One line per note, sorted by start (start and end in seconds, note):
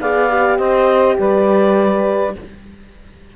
0.00 0.58 B3
0.00 0.29 G#4
0.00 0.57 D5
0.00 0.58 F5
0.29 2.32 G4
0.57 1.17 C4
0.57 1.16 C5
0.57 1.16 D#5
1.19 2.35 G3
1.19 2.35 B4
1.19 2.36 D5